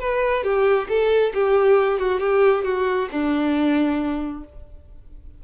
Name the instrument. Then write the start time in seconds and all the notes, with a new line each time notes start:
violin
0.00 B4
0.44 G4
0.89 A4
1.34 G4
1.99 F#4
2.20 G4
2.65 F#4
3.12 D4